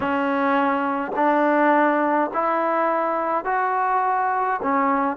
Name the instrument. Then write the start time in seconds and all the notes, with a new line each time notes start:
trombone
0.00 C#4
1.15 D4
2.33 E4
3.45 F#4
4.62 C#4